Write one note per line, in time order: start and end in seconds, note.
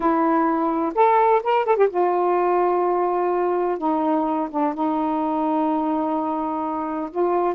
0.00 0.93 E4
0.94 1.42 A4
1.43 1.65 A#4
1.65 1.76 A4
1.76 1.88 G4
1.89 3.78 F4
3.78 4.48 D#4
4.50 4.74 D4
4.74 7.10 D#4
7.10 7.55 F4